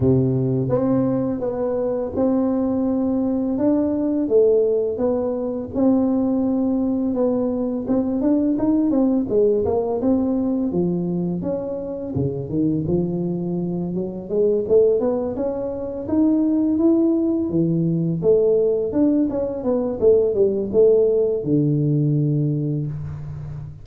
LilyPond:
\new Staff \with { instrumentName = "tuba" } { \time 4/4 \tempo 4 = 84 c4 c'4 b4 c'4~ | c'4 d'4 a4 b4 | c'2 b4 c'8 d'8 | dis'8 c'8 gis8 ais8 c'4 f4 |
cis'4 cis8 dis8 f4. fis8 | gis8 a8 b8 cis'4 dis'4 e'8~ | e'8 e4 a4 d'8 cis'8 b8 | a8 g8 a4 d2 | }